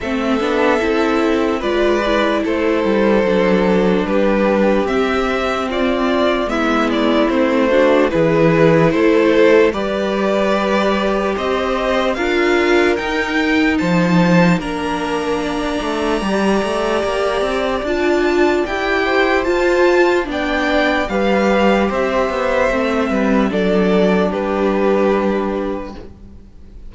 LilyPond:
<<
  \new Staff \with { instrumentName = "violin" } { \time 4/4 \tempo 4 = 74 e''2 d''4 c''4~ | c''4 b'4 e''4 d''4 | e''8 d''8 c''4 b'4 c''4 | d''2 dis''4 f''4 |
g''4 a''4 ais''2~ | ais''2 a''4 g''4 | a''4 g''4 f''4 e''4~ | e''4 d''4 b'2 | }
  \new Staff \with { instrumentName = "violin" } { \time 4/4 a'2 b'4 a'4~ | a'4 g'2 f'4 | e'4. fis'8 gis'4 a'4 | b'2 c''4 ais'4~ |
ais'4 c''4 ais'4 d''4~ | d''2.~ d''8 c''8~ | c''4 d''4 b'4 c''4~ | c''8 b'8 a'4 g'2 | }
  \new Staff \with { instrumentName = "viola" } { \time 4/4 c'8 d'8 e'4 f'8 e'4. | d'2 c'2 | b4 c'8 d'8 e'2 | g'2. f'4 |
dis'2 d'2 | g'2 f'4 g'4 | f'4 d'4 g'2 | c'4 d'2. | }
  \new Staff \with { instrumentName = "cello" } { \time 4/4 a8 b8 c'4 gis4 a8 g8 | fis4 g4 c'2 | gis4 a4 e4 a4 | g2 c'4 d'4 |
dis'4 f4 ais4. a8 | g8 a8 ais8 c'8 d'4 e'4 | f'4 b4 g4 c'8 b8 | a8 g8 fis4 g2 | }
>>